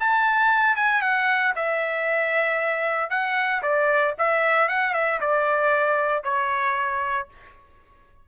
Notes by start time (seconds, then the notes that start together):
0.00 A5
0.76 G#5
1.01 F#5
1.55 E5
3.10 F#5
3.62 D5
4.18 E5
4.68 F#5
4.94 E5
5.21 D5
6.23 C#5